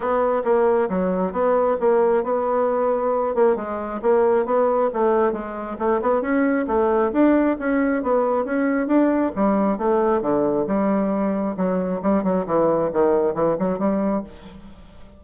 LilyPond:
\new Staff \with { instrumentName = "bassoon" } { \time 4/4 \tempo 4 = 135 b4 ais4 fis4 b4 | ais4 b2~ b8 ais8 | gis4 ais4 b4 a4 | gis4 a8 b8 cis'4 a4 |
d'4 cis'4 b4 cis'4 | d'4 g4 a4 d4 | g2 fis4 g8 fis8 | e4 dis4 e8 fis8 g4 | }